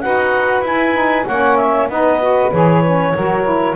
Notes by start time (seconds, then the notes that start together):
0.00 D#4 F#4 B4 F#5
0.61 E4 G#5
0.94 D#4
1.26 A#3 C#4 C#5 F#5
1.56 E5
1.88 B3 D#4 B4 D#5
2.20 F#4
2.52 E3 G#4 C#5
2.85 C#4
3.14 F#3 F#4 A#4
3.43 E4